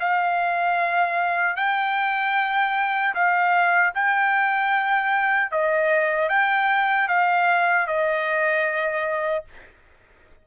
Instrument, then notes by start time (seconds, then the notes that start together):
trumpet
0.00 F5
1.56 G5
3.15 F5
3.95 G5
5.52 D#5
6.29 G5
7.08 F5
7.87 D#5